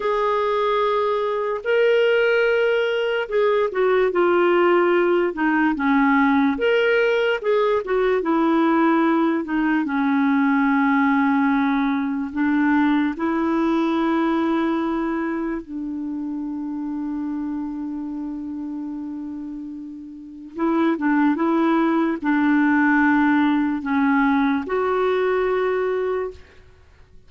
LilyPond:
\new Staff \with { instrumentName = "clarinet" } { \time 4/4 \tempo 4 = 73 gis'2 ais'2 | gis'8 fis'8 f'4. dis'8 cis'4 | ais'4 gis'8 fis'8 e'4. dis'8 | cis'2. d'4 |
e'2. d'4~ | d'1~ | d'4 e'8 d'8 e'4 d'4~ | d'4 cis'4 fis'2 | }